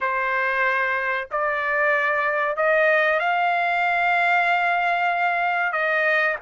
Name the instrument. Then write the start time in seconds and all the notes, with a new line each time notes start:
trumpet
0.01 C5
1.31 D5
2.56 D#5
3.19 F5
5.72 D#5